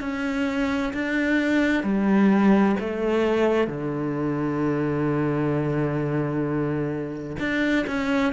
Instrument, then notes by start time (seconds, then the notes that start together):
cello
0.00 C#4
0.93 D4
1.83 G3
2.80 A3
3.67 D3
7.39 D4
7.87 C#4